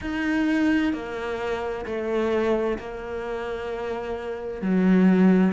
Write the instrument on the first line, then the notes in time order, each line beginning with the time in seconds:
cello
0.01 D#4
0.93 A#3
1.85 A3
2.78 A#3
4.62 F#3